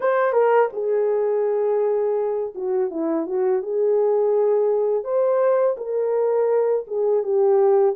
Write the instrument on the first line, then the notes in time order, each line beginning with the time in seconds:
horn
0.00 C5
0.33 A#4
0.72 G#4
2.54 F#4
2.90 E4
3.26 F#4
3.62 G#4
5.03 C5
5.77 A#4
6.87 G#4
7.23 G4